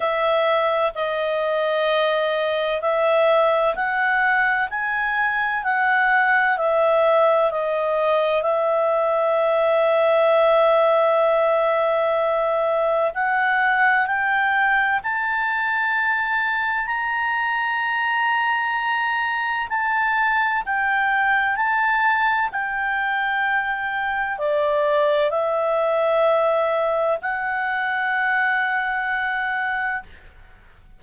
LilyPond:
\new Staff \with { instrumentName = "clarinet" } { \time 4/4 \tempo 4 = 64 e''4 dis''2 e''4 | fis''4 gis''4 fis''4 e''4 | dis''4 e''2.~ | e''2 fis''4 g''4 |
a''2 ais''2~ | ais''4 a''4 g''4 a''4 | g''2 d''4 e''4~ | e''4 fis''2. | }